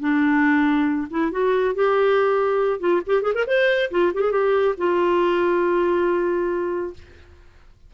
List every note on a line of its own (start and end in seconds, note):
0.00 1.08 D4
1.10 1.32 E4
1.32 1.75 F#4
1.75 2.80 G4
2.80 3.01 F4
3.06 3.22 G4
3.22 3.33 G#4
3.34 3.45 A#4
3.46 3.90 C5
3.91 4.12 F4
4.14 4.21 G4
4.21 4.32 G#4
4.32 4.75 G4
4.78 6.94 F4